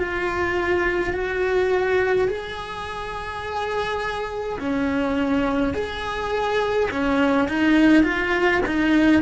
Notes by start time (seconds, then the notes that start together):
0.00 F4
1.14 F#4
2.29 G#4
4.60 C#4
5.74 G#4
6.91 C#4
7.48 D#4
8.03 F4
8.66 D#4